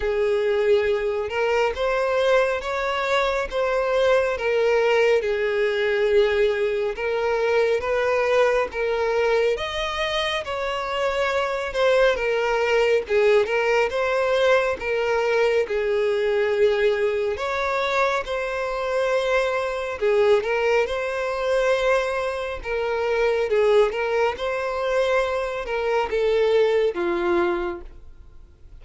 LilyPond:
\new Staff \with { instrumentName = "violin" } { \time 4/4 \tempo 4 = 69 gis'4. ais'8 c''4 cis''4 | c''4 ais'4 gis'2 | ais'4 b'4 ais'4 dis''4 | cis''4. c''8 ais'4 gis'8 ais'8 |
c''4 ais'4 gis'2 | cis''4 c''2 gis'8 ais'8 | c''2 ais'4 gis'8 ais'8 | c''4. ais'8 a'4 f'4 | }